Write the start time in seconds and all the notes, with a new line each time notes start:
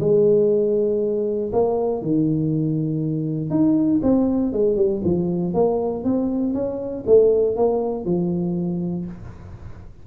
0.00 G#3
1.52 A#3
2.02 D#3
3.50 D#4
4.03 C4
4.52 G#3
4.76 G3
5.04 F3
5.54 A#3
6.04 C4
6.54 C#4
7.07 A3
7.56 A#3
8.05 F3